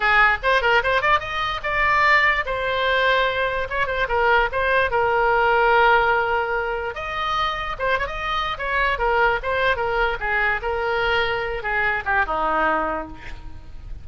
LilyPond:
\new Staff \with { instrumentName = "oboe" } { \time 4/4 \tempo 4 = 147 gis'4 c''8 ais'8 c''8 d''8 dis''4 | d''2 c''2~ | c''4 cis''8 c''8 ais'4 c''4 | ais'1~ |
ais'4 dis''2 c''8 cis''16 dis''16~ | dis''4 cis''4 ais'4 c''4 | ais'4 gis'4 ais'2~ | ais'8 gis'4 g'8 dis'2 | }